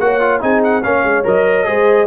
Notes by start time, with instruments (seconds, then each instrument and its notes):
0.00 tuba A#3, trombone F#4, horn C#5, trumpet F#5
0.21 trombone F4
0.41 tuba C4, trombone D#4, horn G#4, trumpet G#5
0.64 trumpet F#5
0.83 tuba A#3, trombone C#4, horn C#5, trumpet F5
1.04 tuba G#3
1.25 tuba F#3, trombone A#4, trumpet D#5
1.65 tuba G#3, trombone G#4, horn C5